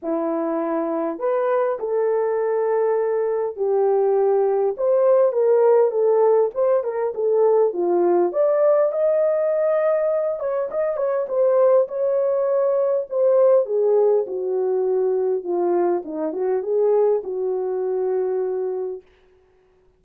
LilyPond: \new Staff \with { instrumentName = "horn" } { \time 4/4 \tempo 4 = 101 e'2 b'4 a'4~ | a'2 g'2 | c''4 ais'4 a'4 c''8 ais'8 | a'4 f'4 d''4 dis''4~ |
dis''4. cis''8 dis''8 cis''8 c''4 | cis''2 c''4 gis'4 | fis'2 f'4 dis'8 fis'8 | gis'4 fis'2. | }